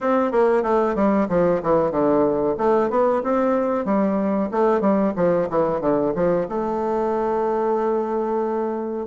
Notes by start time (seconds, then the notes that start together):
0.00 C4
0.31 A#3
0.62 A3
0.95 G3
1.28 F3
1.62 E3
1.91 D3
2.57 A3
2.90 B3
3.23 C4
3.85 G3
4.51 A3
4.81 G3
5.16 F3
5.49 E3
5.80 D3
6.15 F3
6.48 A3